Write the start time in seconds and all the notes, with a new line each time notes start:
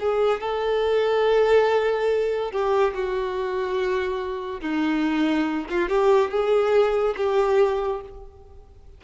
0.00 G#4
0.41 A4
2.52 G4
2.94 F#4
4.61 D#4
5.70 F4
5.89 G4
6.31 G#4
7.17 G4